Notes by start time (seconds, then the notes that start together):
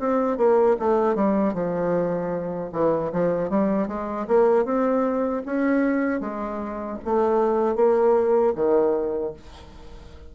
0.00 C4
0.38 A#3
0.80 A3
1.16 G3
1.54 F3
2.73 E3
3.12 F3
3.50 G3
3.88 G#3
4.28 A#3
4.65 C4
5.46 C#4
6.21 G#3
7.05 A3
7.76 A#3
8.56 D#3